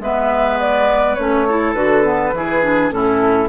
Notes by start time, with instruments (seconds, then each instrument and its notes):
0.00 bassoon G#3, clarinet B3, oboe B4, flute E5
0.60 flute D5
1.15 bassoon A3, clarinet C#4, flute C#5
1.47 clarinet E4, oboe A4
1.74 bassoon D3, clarinet F#4, flute B4
2.04 clarinet B3
2.33 bassoon E3, clarinet E4, oboe G#4
2.63 clarinet D4
2.90 bassoon A2, clarinet C#4, oboe E4, flute A4